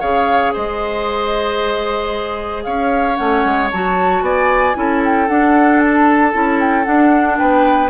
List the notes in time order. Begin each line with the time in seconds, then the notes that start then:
0.00 C#3 G#4 C#5 F5
0.53 G#3 C5 D#5
2.63 C#4 C#5 F5
3.15 A3 C#4 F#5
3.44 G#3
3.71 F#3 F#4 A5
4.21 B3 D5 G#5
4.74 C#4 E4 A4
5.04 G5
5.28 D4 F#5
5.79 A5
6.32 C#4 E4
6.60 G5
6.84 D4 F#5
7.37 B3 B4 G5